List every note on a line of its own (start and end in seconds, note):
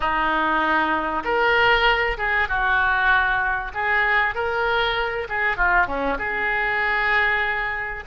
0.00 1.23 D#4
1.24 2.17 A#4
2.17 2.48 G#4
2.48 3.71 F#4
3.73 4.34 G#4
4.34 5.27 A#4
5.29 5.56 G#4
5.56 5.86 F4
5.86 6.17 C#4
6.18 8.04 G#4